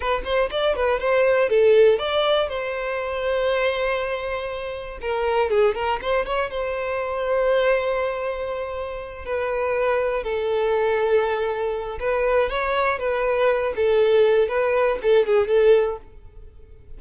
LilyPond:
\new Staff \with { instrumentName = "violin" } { \time 4/4 \tempo 4 = 120 b'8 c''8 d''8 b'8 c''4 a'4 | d''4 c''2.~ | c''2 ais'4 gis'8 ais'8 | c''8 cis''8 c''2.~ |
c''2~ c''8 b'4.~ | b'8 a'2.~ a'8 | b'4 cis''4 b'4. a'8~ | a'4 b'4 a'8 gis'8 a'4 | }